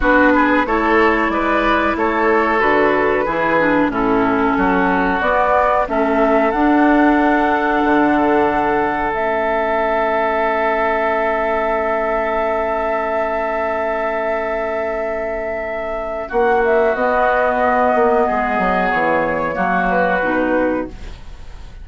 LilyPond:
<<
  \new Staff \with { instrumentName = "flute" } { \time 4/4 \tempo 4 = 92 b'4 cis''4 d''4 cis''4 | b'2 a'2 | d''4 e''4 fis''2~ | fis''2 e''2~ |
e''1~ | e''1~ | e''4 fis''8 e''8 dis''2~ | dis''4 cis''4. b'4. | }
  \new Staff \with { instrumentName = "oboe" } { \time 4/4 fis'8 gis'8 a'4 b'4 a'4~ | a'4 gis'4 e'4 fis'4~ | fis'4 a'2.~ | a'1~ |
a'1~ | a'1~ | a'4 fis'2. | gis'2 fis'2 | }
  \new Staff \with { instrumentName = "clarinet" } { \time 4/4 d'4 e'2. | fis'4 e'8 d'8 cis'2 | b4 cis'4 d'2~ | d'2 cis'2~ |
cis'1~ | cis'1~ | cis'2 b2~ | b2 ais4 dis'4 | }
  \new Staff \with { instrumentName = "bassoon" } { \time 4/4 b4 a4 gis4 a4 | d4 e4 a,4 fis4 | b4 a4 d'2 | d2 a2~ |
a1~ | a1~ | a4 ais4 b4. ais8 | gis8 fis8 e4 fis4 b,4 | }
>>